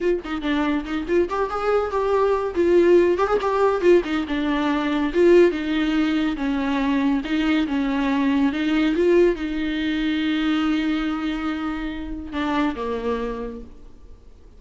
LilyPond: \new Staff \with { instrumentName = "viola" } { \time 4/4 \tempo 4 = 141 f'8 dis'8 d'4 dis'8 f'8 g'8 gis'8~ | gis'8 g'4. f'4. g'16 gis'16 | g'4 f'8 dis'8 d'2 | f'4 dis'2 cis'4~ |
cis'4 dis'4 cis'2 | dis'4 f'4 dis'2~ | dis'1~ | dis'4 d'4 ais2 | }